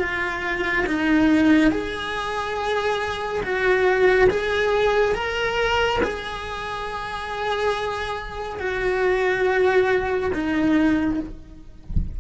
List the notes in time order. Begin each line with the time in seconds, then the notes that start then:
0.00 F4
0.86 D#4
1.71 G#4
3.43 F#4
4.30 G#4
5.15 A#4
6.04 G#4
8.60 F#4
10.34 D#4